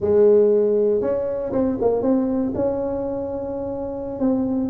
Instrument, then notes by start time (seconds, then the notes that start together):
tuba
0.00 G#3
1.01 C#4
1.52 C4
1.81 A#3
2.02 C4
2.54 C#4
4.19 C4